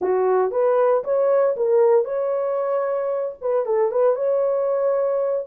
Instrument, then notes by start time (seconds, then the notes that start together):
horn
0.01 F#4
0.51 B4
1.04 C#5
1.56 A#4
2.05 C#5
3.41 B4
3.65 A4
3.91 B4
4.15 C#5